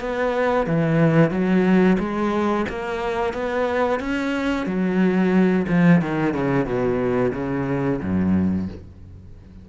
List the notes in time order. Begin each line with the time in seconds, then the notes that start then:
0.00 B3
0.66 E3
1.30 F#3
1.99 G#3
2.68 A#3
3.33 B3
3.99 C#4
4.66 F#3
5.68 F3
6.01 D#3
6.33 C#3
6.65 B2
7.33 C#3
8.02 F#2